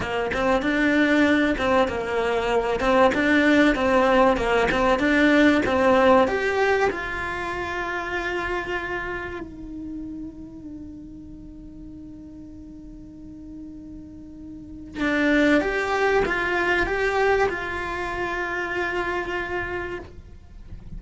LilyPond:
\new Staff \with { instrumentName = "cello" } { \time 4/4 \tempo 4 = 96 ais8 c'8 d'4. c'8 ais4~ | ais8 c'8 d'4 c'4 ais8 c'8 | d'4 c'4 g'4 f'4~ | f'2. dis'4~ |
dis'1~ | dis'1 | d'4 g'4 f'4 g'4 | f'1 | }